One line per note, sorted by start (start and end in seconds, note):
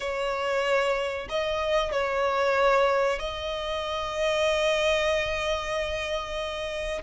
0.00 1.28 C#5
1.29 1.91 D#5
1.91 3.19 C#5
3.19 7.02 D#5